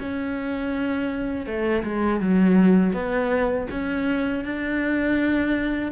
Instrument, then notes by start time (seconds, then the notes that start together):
cello
0.00 C#4
1.46 A3
1.84 G#3
2.21 F#3
2.93 B3
3.71 C#4
4.44 D4